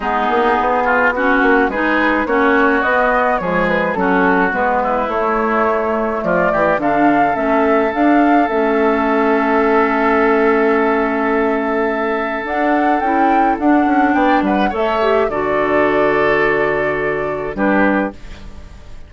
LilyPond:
<<
  \new Staff \with { instrumentName = "flute" } { \time 4/4 \tempo 4 = 106 gis'2 fis'4 b'4 | cis''4 dis''4 cis''8 b'8 a'4 | b'4 cis''2 d''4 | f''4 e''4 f''4 e''4~ |
e''1~ | e''2 fis''4 g''4 | fis''4 g''8 fis''8 e''4 d''4~ | d''2. b'4 | }
  \new Staff \with { instrumentName = "oboe" } { \time 4/4 dis'4. f'8 fis'4 gis'4 | fis'2 gis'4 fis'4~ | fis'8 e'2~ e'8 f'8 g'8 | a'1~ |
a'1~ | a'1~ | a'4 d''8 b'8 cis''4 a'4~ | a'2. g'4 | }
  \new Staff \with { instrumentName = "clarinet" } { \time 4/4 b2 cis'4 dis'4 | cis'4 b4 gis4 cis'4 | b4 a2. | d'4 cis'4 d'4 cis'4~ |
cis'1~ | cis'2 d'4 e'4 | d'2 a'8 g'8 fis'4~ | fis'2. d'4 | }
  \new Staff \with { instrumentName = "bassoon" } { \time 4/4 gis8 ais8 b4. ais8 gis4 | ais4 b4 f4 fis4 | gis4 a2 f8 e8 | d4 a4 d'4 a4~ |
a1~ | a2 d'4 cis'4 | d'8 cis'8 b8 g8 a4 d4~ | d2. g4 | }
>>